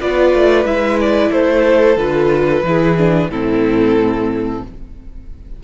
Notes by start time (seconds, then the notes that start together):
0.00 B3 F4 B4 D5
0.34 A3
0.65 G#3 E4 E5
1.00 D5
1.30 A3 A4 C5
1.96 D3 F4 B4
2.63 E3 E4 G#4
2.97 D4
3.30 A2 C4 E4 A4